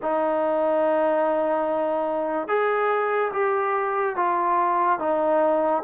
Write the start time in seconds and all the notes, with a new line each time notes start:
0.02 D#4
2.48 G#4
3.33 G4
4.16 F4
4.99 D#4